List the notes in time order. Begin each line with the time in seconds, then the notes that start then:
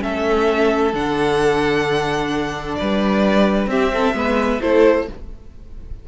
0.00 A3 C#4 A4 E5
0.94 D3 D4 F#5
2.75 B4 D5
2.81 G3
3.67 C4 G4 E5
3.93 A4
4.14 G#3 B3 B4
4.61 A3 E4 A4 C5